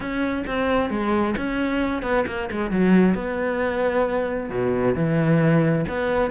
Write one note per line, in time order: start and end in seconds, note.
0.00 0.44 C#4
0.46 0.89 C4
0.89 1.35 G#3
1.37 2.02 C#4
2.02 2.25 B3
2.27 2.49 A#3
2.51 2.70 G#3
2.70 3.14 F#3
3.14 4.49 B3
4.49 4.94 B2
4.94 5.85 E3
5.88 6.31 B3